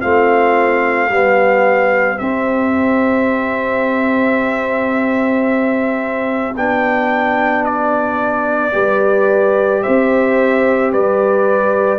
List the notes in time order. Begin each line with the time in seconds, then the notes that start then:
0.00 A3 C4 F4 F5
1.08 G3 B3 G4
2.18 C4 E5
6.55 B3 D4 G5
7.65 D5
8.72 G3 G4 B4
9.82 C4 C5 E5
10.92 G3 B4 D5